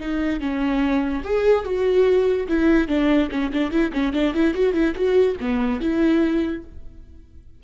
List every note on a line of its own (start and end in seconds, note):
0.00 0.40 D#4
0.40 1.23 C#4
1.24 1.65 G#4
1.65 2.48 F#4
2.48 2.88 E4
2.88 3.30 D4
3.31 3.52 C#4
3.53 3.71 D4
3.71 3.92 E4
3.93 4.13 C#4
4.13 4.34 D4
4.34 4.55 E4
4.55 4.74 F#4
4.74 4.94 E4
4.95 5.37 F#4
5.41 5.81 B3
5.81 6.64 E4